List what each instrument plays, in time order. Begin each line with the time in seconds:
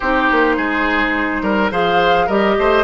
0.00 bassoon C4, clarinet D#4, oboe G4, flute C5
0.31 bassoon A#3
0.56 bassoon G#3, oboe G#4
1.42 bassoon G3, oboe A#4
1.71 bassoon F3, clarinet G#4, oboe C5, flute F5
2.26 bassoon G3, clarinet G4, oboe A#4, flute D#5
2.58 bassoon A3, oboe C5